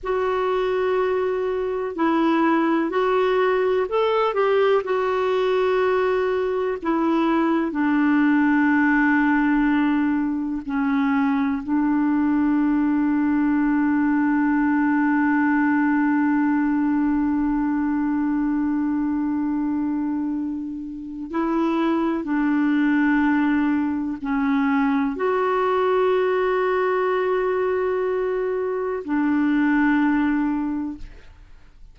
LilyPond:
\new Staff \with { instrumentName = "clarinet" } { \time 4/4 \tempo 4 = 62 fis'2 e'4 fis'4 | a'8 g'8 fis'2 e'4 | d'2. cis'4 | d'1~ |
d'1~ | d'2 e'4 d'4~ | d'4 cis'4 fis'2~ | fis'2 d'2 | }